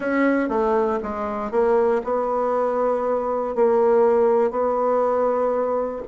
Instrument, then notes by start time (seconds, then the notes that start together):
bassoon
0.00 C#4
0.49 A3
1.02 G#3
1.51 A#3
2.04 B3
3.55 A#3
4.51 B3